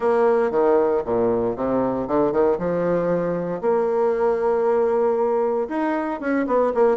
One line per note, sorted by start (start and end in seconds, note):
0.00 0.51 A#3
0.51 1.02 D#3
1.05 1.56 A#2
1.56 2.07 C3
2.07 2.32 D3
2.32 2.57 D#3
2.58 3.61 F3
3.61 5.68 A#3
5.68 6.20 D#4
6.20 6.46 C#4
6.47 6.72 B3
6.74 6.97 A#3